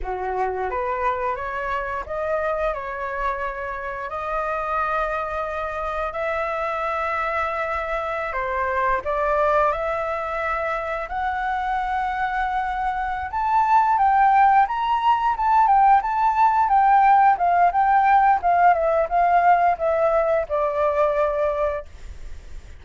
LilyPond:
\new Staff \with { instrumentName = "flute" } { \time 4/4 \tempo 4 = 88 fis'4 b'4 cis''4 dis''4 | cis''2 dis''2~ | dis''4 e''2.~ | e''16 c''4 d''4 e''4.~ e''16~ |
e''16 fis''2.~ fis''16 a''8~ | a''8 g''4 ais''4 a''8 g''8 a''8~ | a''8 g''4 f''8 g''4 f''8 e''8 | f''4 e''4 d''2 | }